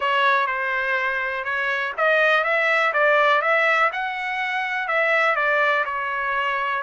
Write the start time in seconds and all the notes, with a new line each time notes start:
0.00 C#5
0.46 C5
1.44 C#5
1.97 D#5
2.44 E5
2.93 D5
3.41 E5
3.92 F#5
4.88 E5
5.35 D5
5.85 C#5